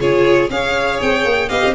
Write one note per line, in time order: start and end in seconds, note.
0.00 0.50 C#3
0.00 0.50 F4
0.00 0.50 G#4
0.00 0.50 C#5
0.50 0.99 C#4
0.50 1.50 G#4
0.50 1.49 C#5
0.50 1.00 F5
1.02 1.25 C4
1.02 1.49 G5
1.25 1.50 A#3
1.49 1.63 B3
1.49 1.75 G4
1.49 1.74 D#5
1.49 1.74 F5
1.65 1.75 C4